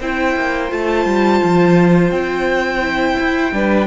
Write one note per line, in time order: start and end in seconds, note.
0.00 0.35 C4
0.00 0.69 E4
0.00 3.53 C5
0.00 0.72 G5
0.36 0.72 A#3
0.69 1.05 A3
0.69 2.81 F4
0.69 2.11 A5
1.05 1.41 G3
1.43 2.11 F3
2.11 3.17 C4
2.11 3.87 G5
2.81 3.51 E4
3.19 3.52 E4
3.52 3.87 G3
3.52 3.87 D4
3.52 3.87 B4